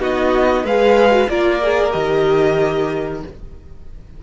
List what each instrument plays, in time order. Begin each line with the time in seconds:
0.00 cello B3, viola D#4, violin F#4 D#5
0.64 cello G#3, viola G#4, violin B4 F5
1.11 viola F#4
1.30 cello A#3, viola F4, violin A#4 D5
1.63 viola G#4
1.91 cello D#3, viola G4, violin D#5